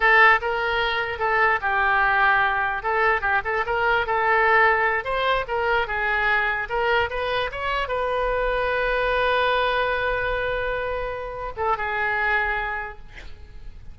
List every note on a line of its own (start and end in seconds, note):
0.00 0.39 A4
0.41 1.19 A#4
1.19 1.59 A4
1.61 2.82 G4
2.82 3.21 A4
3.21 3.41 G4
3.44 3.64 A4
3.65 4.06 A#4
4.06 5.04 A4
5.04 5.45 C5
5.47 5.87 A#4
5.87 6.68 G#4
6.69 7.09 A#4
7.09 7.50 B4
7.51 7.88 C#5
7.88 11.52 B4
11.57 11.77 A4
11.77 12.99 G#4